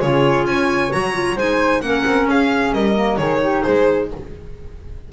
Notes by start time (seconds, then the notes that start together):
0.00 C#3 F4 G#4 C#5
0.45 C#4 C#5 G#5
0.91 F#3 F#4 A#5
1.13 F4
1.36 G#3 D#4 C5 G#5
1.81 A#3 C#4 A#4 F#5
2.05 C4
2.26 C#4 G#4 F5
2.72 G3 A#4 D#5
2.95 A#3
3.17 D#3 D#4 G#4 C#5
3.43 G4
3.63 G#3 G#4 C5